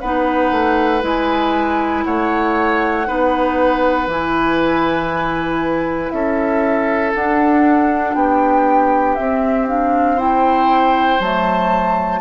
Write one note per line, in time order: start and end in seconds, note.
0.00 0.51 B3
0.00 1.01 D#4
0.00 2.04 B4
0.00 1.02 F#5
0.51 1.02 A3
1.01 2.04 G#3
1.01 3.05 E4
1.01 2.04 G#5
2.04 3.08 A3
2.04 3.07 C#5
2.04 4.08 F#5
3.06 4.07 B3
3.06 4.08 D#4
3.06 6.12 B4
4.07 6.10 E3
4.07 7.14 E4
4.07 6.10 G#5
6.10 7.14 C#4
6.10 8.15 A4
6.10 7.11 E5
7.14 9.17 D4
7.14 8.15 D4
7.14 8.14 F#5
8.14 9.17 B3
8.14 10.16 G4
8.14 9.15 G5
9.15 9.68 C4
9.15 11.19 C4
9.15 9.66 E5
9.68 10.17 D4
9.68 10.19 F5
10.16 11.19 E4
10.16 12.19 C5
10.16 11.20 G5
11.19 12.21 F#3
11.19 12.21 A3
11.19 12.21 A5